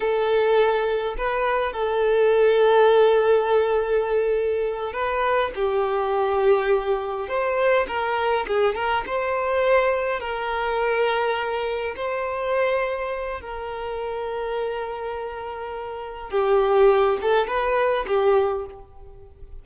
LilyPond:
\new Staff \with { instrumentName = "violin" } { \time 4/4 \tempo 4 = 103 a'2 b'4 a'4~ | a'1~ | a'8 b'4 g'2~ g'8~ | g'8 c''4 ais'4 gis'8 ais'8 c''8~ |
c''4. ais'2~ ais'8~ | ais'8 c''2~ c''8 ais'4~ | ais'1 | g'4. a'8 b'4 g'4 | }